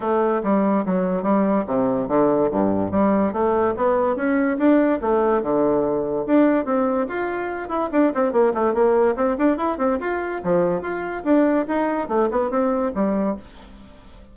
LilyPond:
\new Staff \with { instrumentName = "bassoon" } { \time 4/4 \tempo 4 = 144 a4 g4 fis4 g4 | c4 d4 g,4 g4 | a4 b4 cis'4 d'4 | a4 d2 d'4 |
c'4 f'4. e'8 d'8 c'8 | ais8 a8 ais4 c'8 d'8 e'8 c'8 | f'4 f4 f'4 d'4 | dis'4 a8 b8 c'4 g4 | }